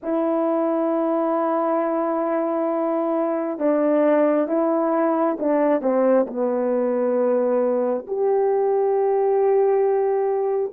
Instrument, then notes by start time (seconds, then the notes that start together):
horn
0.02 E4
3.58 D4
4.47 E4
5.39 D4
5.81 C4
6.26 B3
8.07 G4